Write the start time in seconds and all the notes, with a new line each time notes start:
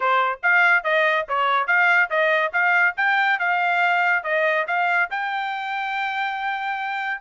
0.00 C5
0.42 F5
0.83 D#5
1.28 C#5
1.67 F5
2.10 D#5
2.52 F5
2.97 G5
3.39 F5
4.23 D#5
4.67 F5
5.10 G5